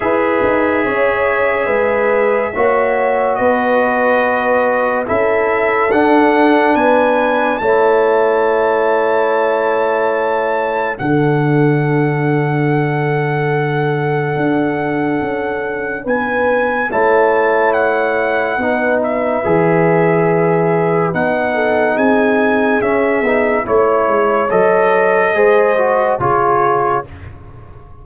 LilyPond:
<<
  \new Staff \with { instrumentName = "trumpet" } { \time 4/4 \tempo 4 = 71 e''1 | dis''2 e''4 fis''4 | gis''4 a''2.~ | a''4 fis''2.~ |
fis''2. gis''4 | a''4 fis''4. e''4.~ | e''4 fis''4 gis''4 e''4 | cis''4 dis''2 cis''4 | }
  \new Staff \with { instrumentName = "horn" } { \time 4/4 b'4 cis''4 b'4 cis''4 | b'2 a'2 | b'4 cis''2.~ | cis''4 a'2.~ |
a'2. b'4 | cis''2 b'2~ | b'4. a'8 gis'2 | cis''2 c''4 gis'4 | }
  \new Staff \with { instrumentName = "trombone" } { \time 4/4 gis'2. fis'4~ | fis'2 e'4 d'4~ | d'4 e'2.~ | e'4 d'2.~ |
d'1 | e'2 dis'4 gis'4~ | gis'4 dis'2 cis'8 dis'8 | e'4 a'4 gis'8 fis'8 f'4 | }
  \new Staff \with { instrumentName = "tuba" } { \time 4/4 e'8 dis'8 cis'4 gis4 ais4 | b2 cis'4 d'4 | b4 a2.~ | a4 d2.~ |
d4 d'4 cis'4 b4 | a2 b4 e4~ | e4 b4 c'4 cis'8 b8 | a8 gis8 fis4 gis4 cis4 | }
>>